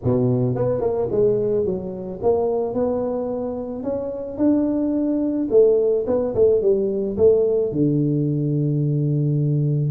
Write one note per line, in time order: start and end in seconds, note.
0.03 0.55 B2
0.55 0.81 B3
0.81 1.08 A#3
1.11 1.65 G#3
1.65 2.20 F#3
2.22 2.74 A#3
2.74 3.83 B3
3.83 4.37 C#4
4.37 5.47 D4
5.50 6.05 A3
6.06 6.34 B3
6.35 6.61 A3
6.61 7.16 G3
7.17 7.72 A3
7.72 9.91 D3